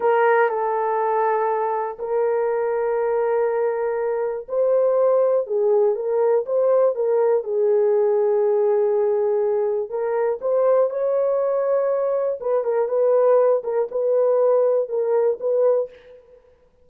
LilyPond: \new Staff \with { instrumentName = "horn" } { \time 4/4 \tempo 4 = 121 ais'4 a'2. | ais'1~ | ais'4 c''2 gis'4 | ais'4 c''4 ais'4 gis'4~ |
gis'1 | ais'4 c''4 cis''2~ | cis''4 b'8 ais'8 b'4. ais'8 | b'2 ais'4 b'4 | }